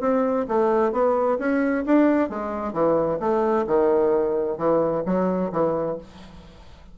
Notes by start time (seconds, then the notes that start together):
0.00 C4
0.48 A3
0.92 B3
1.38 C#4
1.85 D4
2.29 G#3
2.73 E3
3.20 A3
3.67 D#3
4.57 E3
5.05 F#3
5.52 E3